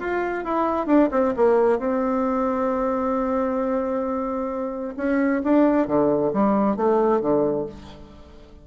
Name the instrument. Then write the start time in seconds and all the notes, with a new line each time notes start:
bassoon
0.00 F4
0.45 E4
0.87 D4
1.12 C4
1.37 A#3
1.79 C4
4.97 C#4
5.44 D4
5.87 D3
6.33 G3
6.77 A3
7.21 D3